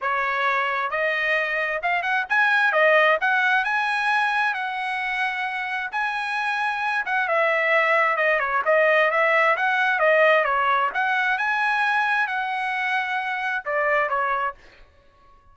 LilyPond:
\new Staff \with { instrumentName = "trumpet" } { \time 4/4 \tempo 4 = 132 cis''2 dis''2 | f''8 fis''8 gis''4 dis''4 fis''4 | gis''2 fis''2~ | fis''4 gis''2~ gis''8 fis''8 |
e''2 dis''8 cis''8 dis''4 | e''4 fis''4 dis''4 cis''4 | fis''4 gis''2 fis''4~ | fis''2 d''4 cis''4 | }